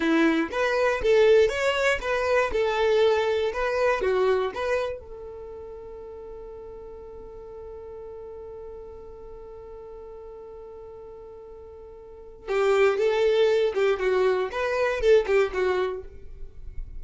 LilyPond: \new Staff \with { instrumentName = "violin" } { \time 4/4 \tempo 4 = 120 e'4 b'4 a'4 cis''4 | b'4 a'2 b'4 | fis'4 b'4 a'2~ | a'1~ |
a'1~ | a'1~ | a'4 g'4 a'4. g'8 | fis'4 b'4 a'8 g'8 fis'4 | }